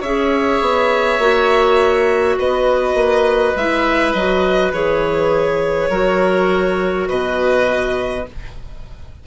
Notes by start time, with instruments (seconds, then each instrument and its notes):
0.00 bassoon C#4, clarinet G#4, oboe C#5, violin E5
0.60 bassoon B3
1.19 bassoon A#3, clarinet F#4
2.38 bassoon B3, oboe B4, violin D#5
2.94 bassoon A#3
3.56 bassoon G#3, clarinet E4, violin E5
4.12 bassoon F#3, clarinet F#4, violin D#5
4.72 bassoon E3, clarinet G#4, violin C#5
5.89 bassoon F#3, clarinet F#4, oboe A#4
7.08 bassoon B2, oboe B4, violin D#5